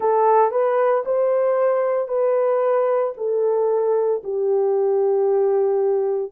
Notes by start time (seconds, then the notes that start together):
0.00 A4
0.51 B4
1.05 C5
2.08 B4
3.17 A4
4.23 G4